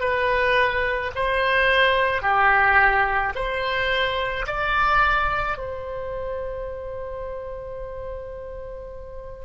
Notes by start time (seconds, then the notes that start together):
0.00 B4
1.16 C5
2.22 G4
3.35 C5
4.46 D5
5.58 C5